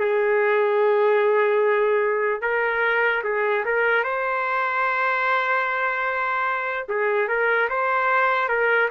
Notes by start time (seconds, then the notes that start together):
0.00 G#4
2.42 A#4
3.24 G#4
3.65 A#4
4.04 C5
6.89 G#4
7.29 A#4
7.70 C5
8.49 A#4